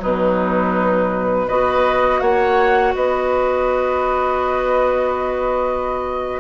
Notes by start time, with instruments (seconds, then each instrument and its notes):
0.00 bassoon B2, clarinet F#3, oboe D#4, flute B4
1.47 bassoon B3, clarinet F#4, oboe B4, flute D#5
2.20 bassoon A#3, oboe C#5, flute F#5
2.94 bassoon B3, oboe B4, flute D#5